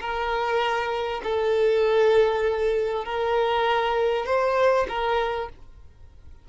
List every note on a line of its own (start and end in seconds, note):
0.00 1.21 A#4
1.23 3.05 A4
3.05 4.26 A#4
4.26 4.87 C5
4.89 5.49 A#4